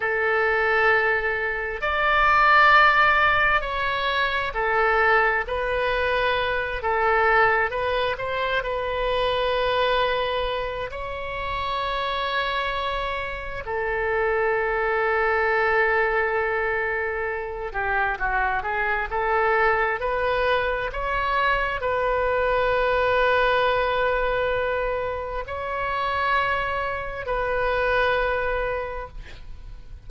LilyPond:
\new Staff \with { instrumentName = "oboe" } { \time 4/4 \tempo 4 = 66 a'2 d''2 | cis''4 a'4 b'4. a'8~ | a'8 b'8 c''8 b'2~ b'8 | cis''2. a'4~ |
a'2.~ a'8 g'8 | fis'8 gis'8 a'4 b'4 cis''4 | b'1 | cis''2 b'2 | }